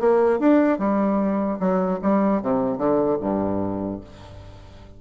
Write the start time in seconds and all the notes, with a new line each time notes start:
0.00 A#3
0.39 D4
0.79 G3
1.60 F#3
2.02 G3
2.42 C3
2.78 D3
3.21 G2